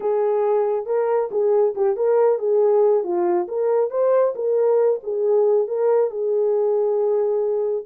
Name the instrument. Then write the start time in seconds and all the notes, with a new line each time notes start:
horn
0.00 G#4
0.86 A#4
1.31 G#4
1.75 G4
1.96 A#4
2.38 G#4
3.03 F4
3.48 A#4
3.90 C5
4.35 A#4
5.03 G#4
5.67 A#4
6.10 G#4